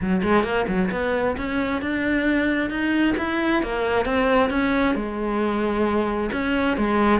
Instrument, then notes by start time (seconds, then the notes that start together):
cello
0.01 F#3
0.22 G#3
0.43 A#3
0.67 F#3
0.91 B3
1.37 C#4
1.81 D4
2.69 D#4
3.17 E4
3.62 A#3
4.05 C4
4.49 C#4
4.95 G#3
6.32 C#4
6.77 G#3